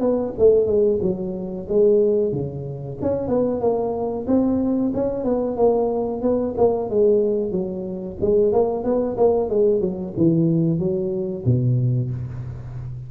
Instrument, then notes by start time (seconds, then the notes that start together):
tuba
0.00 B3
0.39 A3
0.66 G#3
1.02 F#3
1.69 G#3
2.32 C#3
3.02 C#4
3.28 B3
3.61 A#3
4.27 C4
4.94 C#4
5.24 B3
5.57 A#3
6.22 B3
6.57 A#3
6.90 G#3
7.51 F#3
8.21 G#3
8.53 A#3
8.84 B3
9.17 A#3
9.50 G#3
9.81 F#3
10.17 E3
10.79 F#3
11.45 B2